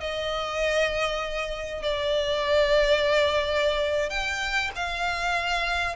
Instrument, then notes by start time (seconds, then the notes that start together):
violin
0.00 D#5
1.83 D5
4.10 G5
4.76 F5